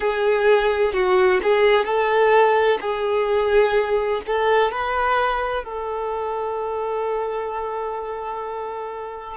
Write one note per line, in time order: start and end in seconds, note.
0.00 0.93 G#4
0.93 1.40 F#4
1.43 1.85 G#4
1.85 2.78 A4
2.80 4.21 G#4
4.26 4.71 A4
4.71 5.63 B4
5.63 9.36 A4